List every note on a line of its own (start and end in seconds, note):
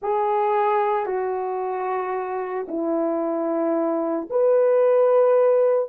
0.02 1.06 G#4
1.06 2.66 F#4
2.67 4.28 E4
4.30 5.89 B4